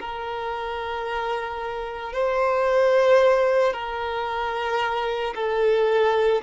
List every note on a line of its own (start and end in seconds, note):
0.00 2.13 A#4
2.13 3.74 C5
3.74 5.34 A#4
5.35 6.42 A4